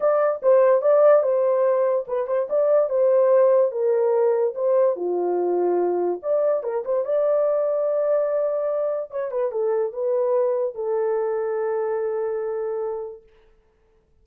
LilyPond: \new Staff \with { instrumentName = "horn" } { \time 4/4 \tempo 4 = 145 d''4 c''4 d''4 c''4~ | c''4 b'8 c''8 d''4 c''4~ | c''4 ais'2 c''4 | f'2. d''4 |
ais'8 c''8 d''2.~ | d''2 cis''8 b'8 a'4 | b'2 a'2~ | a'1 | }